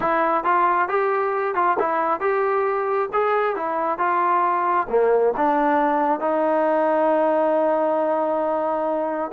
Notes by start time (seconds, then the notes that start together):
0.00 E4
0.44 F4
0.88 G4
1.54 F4
1.79 E4
2.20 G4
3.12 G#4
3.56 E4
3.98 F4
4.89 A#3
5.36 D4
6.20 D#4